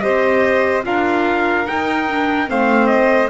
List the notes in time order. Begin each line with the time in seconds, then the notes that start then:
0.00 C4 G4 C5 D#5
0.83 D4 F4 A#4 F5
1.65 D#4 G5
2.08 D4
2.46 A3 C4 C5 F5
2.87 D#5